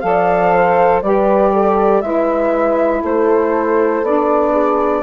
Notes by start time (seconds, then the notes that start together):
0.00 F3 A4 D5 F5
0.53 C5
1.01 G3 G4 B4 D5
1.53 A4
2.01 G#3 E4 B4 E5
3.02 A3 A4 C5
4.02 B3 D4 D5
4.52 G#4